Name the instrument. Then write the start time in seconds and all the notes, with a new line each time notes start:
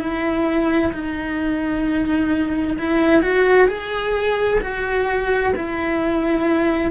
cello
0.00 E4
0.93 D#4
2.78 E4
3.22 F#4
3.68 G#4
4.62 F#4
5.56 E4